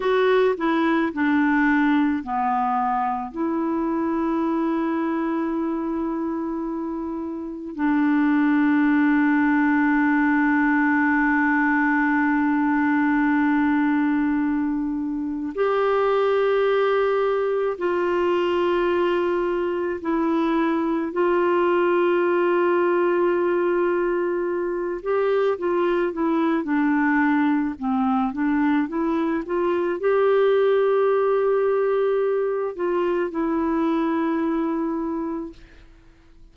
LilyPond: \new Staff \with { instrumentName = "clarinet" } { \time 4/4 \tempo 4 = 54 fis'8 e'8 d'4 b4 e'4~ | e'2. d'4~ | d'1~ | d'2 g'2 |
f'2 e'4 f'4~ | f'2~ f'8 g'8 f'8 e'8 | d'4 c'8 d'8 e'8 f'8 g'4~ | g'4. f'8 e'2 | }